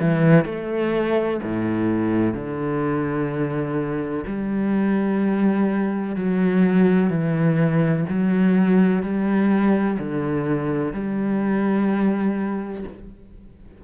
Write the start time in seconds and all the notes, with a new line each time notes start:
0.00 E3
0.45 A3
1.43 A2
2.34 D3
4.26 G3
6.16 F#3
7.10 E3
8.09 F#3
9.03 G3
9.99 D3
10.93 G3